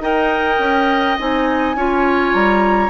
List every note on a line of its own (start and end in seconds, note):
0.00 0.58 D#4
0.00 1.17 A#4
0.00 1.76 D#5
0.00 1.18 G5
0.59 1.16 C#4
1.19 1.75 C4
1.19 1.77 D#4
1.19 2.33 G#5
1.75 2.33 C#4
1.75 2.89 F4
1.75 2.89 C#5
2.33 2.89 G3
2.33 2.89 A#5